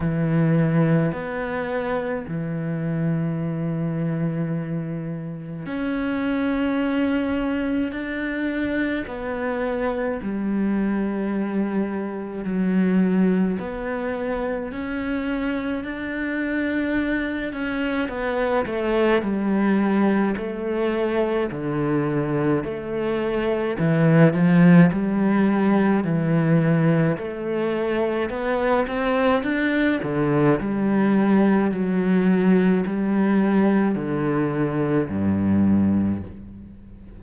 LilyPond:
\new Staff \with { instrumentName = "cello" } { \time 4/4 \tempo 4 = 53 e4 b4 e2~ | e4 cis'2 d'4 | b4 g2 fis4 | b4 cis'4 d'4. cis'8 |
b8 a8 g4 a4 d4 | a4 e8 f8 g4 e4 | a4 b8 c'8 d'8 d8 g4 | fis4 g4 d4 g,4 | }